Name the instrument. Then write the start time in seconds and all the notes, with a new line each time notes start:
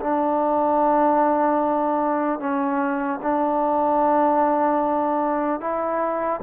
trombone
0.00 D4
2.39 C#4
3.22 D4
5.60 E4